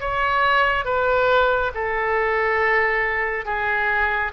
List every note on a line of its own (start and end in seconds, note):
0.00 0.84 C#5
0.84 1.71 B4
1.74 3.45 A4
3.45 4.32 G#4